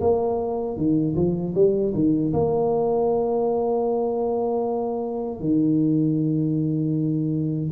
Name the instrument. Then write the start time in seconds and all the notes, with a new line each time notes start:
tuba
0.00 A#3
0.77 D#3
1.15 F3
1.55 G3
1.94 D#3
2.33 A#3
5.40 D#3